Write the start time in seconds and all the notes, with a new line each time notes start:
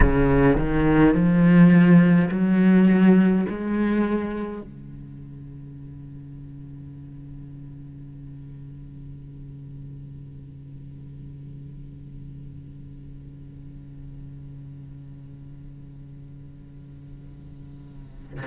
0.00 C#3
0.57 D#3
1.14 F3
2.30 F#3
3.49 G#3
4.62 C#3